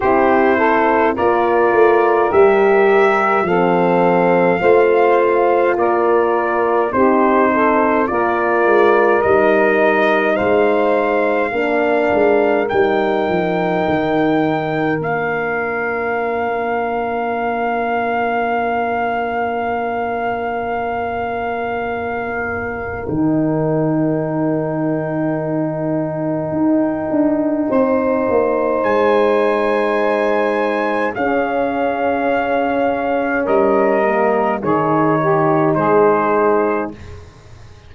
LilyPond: <<
  \new Staff \with { instrumentName = "trumpet" } { \time 4/4 \tempo 4 = 52 c''4 d''4 e''4 f''4~ | f''4 d''4 c''4 d''4 | dis''4 f''2 g''4~ | g''4 f''2.~ |
f''1 | g''1~ | g''4 gis''2 f''4~ | f''4 dis''4 cis''4 c''4 | }
  \new Staff \with { instrumentName = "saxophone" } { \time 4/4 g'8 a'8 ais'2 a'4 | c''4 ais'4 g'8 a'8 ais'4~ | ais'4 c''4 ais'2~ | ais'1~ |
ais'1~ | ais'1 | c''2. gis'4~ | gis'4 ais'4 gis'8 g'8 gis'4 | }
  \new Staff \with { instrumentName = "horn" } { \time 4/4 e'4 f'4 g'4 c'4 | f'2 dis'4 f'4 | dis'2 d'4 dis'4~ | dis'4 d'2.~ |
d'1 | dis'1~ | dis'2. cis'4~ | cis'4. ais8 dis'2 | }
  \new Staff \with { instrumentName = "tuba" } { \time 4/4 c'4 ais8 a8 g4 f4 | a4 ais4 c'4 ais8 gis8 | g4 gis4 ais8 gis8 g8 f8 | dis4 ais2.~ |
ais1 | dis2. dis'8 d'8 | c'8 ais8 gis2 cis'4~ | cis'4 g4 dis4 gis4 | }
>>